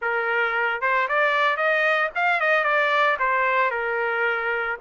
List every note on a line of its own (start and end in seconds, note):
0.01 0.81 A#4
0.81 1.08 C5
1.08 1.56 D5
1.56 2.09 D#5
2.15 2.40 F5
2.40 2.64 D#5
2.64 3.17 D5
3.19 3.70 C5
3.70 4.77 A#4